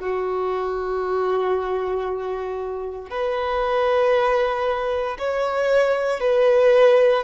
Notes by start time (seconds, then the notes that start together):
0.00 F#4
3.11 B4
5.19 C#5
6.21 B4